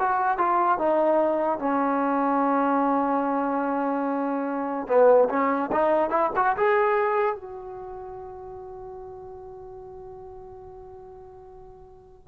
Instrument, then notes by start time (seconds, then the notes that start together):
trombone
0.00 F#4
0.38 F4
0.79 D#4
1.59 C#4
4.88 B3
5.30 C#4
5.72 D#4
6.10 E4
6.36 F#4
6.57 G#4
7.36 F#4